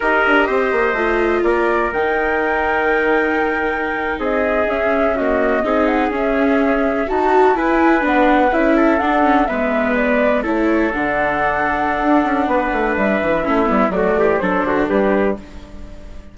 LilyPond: <<
  \new Staff \with { instrumentName = "flute" } { \time 4/4 \tempo 4 = 125 dis''2. d''4 | g''1~ | g''8. dis''4 e''4 dis''4~ dis''16~ | dis''16 fis''8 e''2 a''4 gis''16~ |
gis''8. fis''4 e''4 fis''4 e''16~ | e''8. d''4 cis''4 fis''4~ fis''16~ | fis''2. e''4~ | e''4 d''4 c''4 b'4 | }
  \new Staff \with { instrumentName = "trumpet" } { \time 4/4 ais'4 c''2 ais'4~ | ais'1~ | ais'8. gis'2 fis'4 gis'16~ | gis'2~ gis'8. fis'4 b'16~ |
b'2~ b'16 a'4. b'16~ | b'4.~ b'16 a'2~ a'16~ | a'2 b'2 | e'4 fis'8 g'8 a'8 fis'8 g'4 | }
  \new Staff \with { instrumentName = "viola" } { \time 4/4 g'2 f'2 | dis'1~ | dis'4.~ dis'16 cis'4 ais4 dis'16~ | dis'8. cis'2 fis'4 e'16~ |
e'8. d'4 e'4 d'8 cis'8 b16~ | b4.~ b16 e'4 d'4~ d'16~ | d'1 | cis'8 b8 a4 d'2 | }
  \new Staff \with { instrumentName = "bassoon" } { \time 4/4 dis'8 d'8 c'8 ais8 a4 ais4 | dis1~ | dis8. c'4 cis'2 c'16~ | c'8. cis'2 dis'4 e'16~ |
e'8. b4 cis'4 d'4 gis16~ | gis4.~ gis16 a4 d4~ d16~ | d4 d'8 cis'8 b8 a8 g8 e8 | a8 g8 fis8 e8 fis8 d8 g4 | }
>>